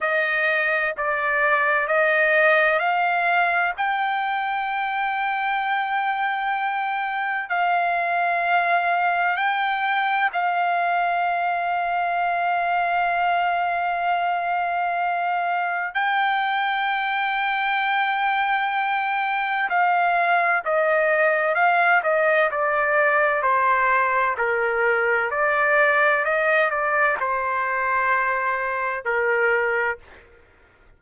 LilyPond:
\new Staff \with { instrumentName = "trumpet" } { \time 4/4 \tempo 4 = 64 dis''4 d''4 dis''4 f''4 | g''1 | f''2 g''4 f''4~ | f''1~ |
f''4 g''2.~ | g''4 f''4 dis''4 f''8 dis''8 | d''4 c''4 ais'4 d''4 | dis''8 d''8 c''2 ais'4 | }